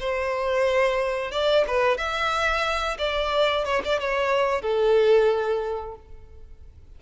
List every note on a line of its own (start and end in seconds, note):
0.00 1.32 C5
1.32 1.65 D5
1.67 1.98 B4
1.98 2.98 E5
2.98 3.65 D5
3.65 3.82 C#5
3.85 4.00 D5
4.00 4.62 C#5
4.62 5.95 A4